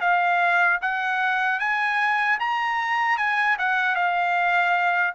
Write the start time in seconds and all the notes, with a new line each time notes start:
0.00 F5
0.81 F#5
1.59 G#5
2.39 A#5
3.17 G#5
3.58 F#5
3.95 F5